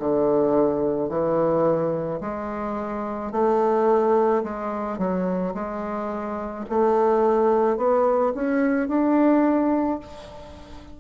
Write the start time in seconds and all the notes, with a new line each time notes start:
0.00 D3
1.10 E3
2.21 G#3
3.32 A3
4.44 G#3
4.98 F#3
5.55 G#3
6.70 A3
7.78 B3
8.35 C#4
8.89 D4